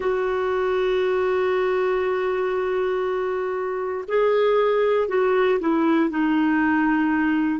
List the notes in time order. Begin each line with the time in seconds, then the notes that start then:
0.00 F#4
4.08 G#4
5.08 F#4
5.59 E4
6.10 D#4